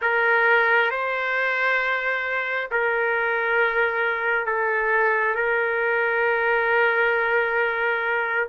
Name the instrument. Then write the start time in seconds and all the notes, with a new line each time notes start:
trumpet
0.01 A#4
0.90 C5
2.71 A#4
4.46 A4
5.35 A#4